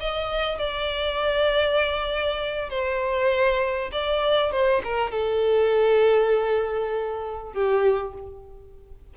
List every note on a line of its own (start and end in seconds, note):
0.00 0.59 D#5
0.59 2.70 D5
2.70 3.91 C5
3.92 4.52 D5
4.52 4.82 C5
4.84 5.12 A#4
5.12 7.53 A4
7.53 8.14 G4